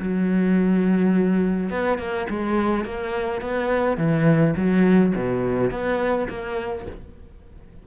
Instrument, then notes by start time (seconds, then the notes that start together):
cello
0.00 F#3
1.70 B3
1.99 A#3
2.30 G#3
2.85 A#3
3.42 B3
3.98 E3
4.57 F#3
5.16 B2
5.71 B3
6.30 A#3